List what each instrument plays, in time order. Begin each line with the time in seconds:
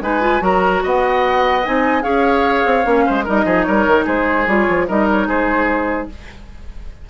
0.00 bassoon G#3, clarinet D#4, oboe B4, flute G#5
0.21 clarinet F4
0.40 bassoon F#3, clarinet F#4, oboe A#4, flute A#5
0.83 bassoon B3, oboe D#5, flute F#5
1.64 bassoon C4, clarinet D#4, flute G#5
2.02 bassoon C#4, clarinet G#4, oboe C#5, flute F5
2.65 bassoon C4
2.83 bassoon A#3, clarinet C#4
3.05 bassoon G#3, oboe C5
3.24 bassoon G3, clarinet D#4, oboe A#4, flute D#5
3.45 bassoon F3, oboe G#4
3.63 bassoon G3, oboe A#4, flute C#5
3.86 bassoon D#3
4.04 bassoon G#3, oboe G#4, flute C5
4.47 bassoon G3, clarinet F4, flute C#5
4.68 bassoon F3
4.87 bassoon G3, clarinet D#4, oboe A#4, flute D#5
5.10 flute C#5
5.27 bassoon G#3, oboe G#4, flute C5